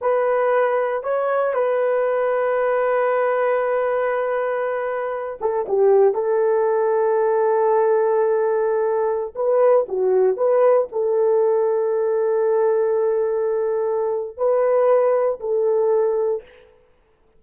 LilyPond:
\new Staff \with { instrumentName = "horn" } { \time 4/4 \tempo 4 = 117 b'2 cis''4 b'4~ | b'1~ | b'2~ b'8 a'8 g'4 | a'1~ |
a'2~ a'16 b'4 fis'8.~ | fis'16 b'4 a'2~ a'8.~ | a'1 | b'2 a'2 | }